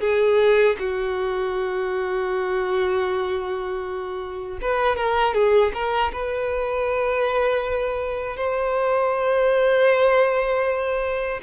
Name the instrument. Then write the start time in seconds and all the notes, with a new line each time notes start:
violin
0.00 G#4
0.79 F#4
4.61 B4
4.96 A#4
5.34 G#4
5.74 A#4
6.12 B4
8.36 C5